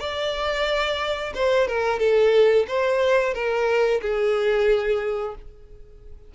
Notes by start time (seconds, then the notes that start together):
0.00 D5
1.34 C5
1.68 A#4
1.99 A4
2.67 C5
3.34 A#4
4.02 G#4